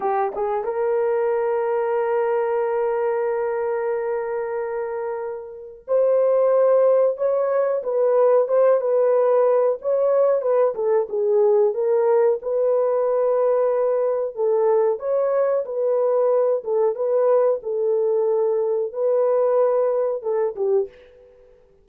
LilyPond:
\new Staff \with { instrumentName = "horn" } { \time 4/4 \tempo 4 = 92 g'8 gis'8 ais'2.~ | ais'1~ | ais'4 c''2 cis''4 | b'4 c''8 b'4. cis''4 |
b'8 a'8 gis'4 ais'4 b'4~ | b'2 a'4 cis''4 | b'4. a'8 b'4 a'4~ | a'4 b'2 a'8 g'8 | }